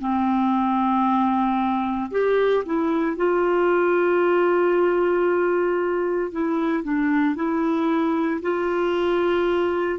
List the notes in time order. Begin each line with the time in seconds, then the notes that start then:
0.00 C4
2.11 G4
2.66 E4
3.17 F4
6.32 E4
6.83 D4
7.35 E4
8.42 F4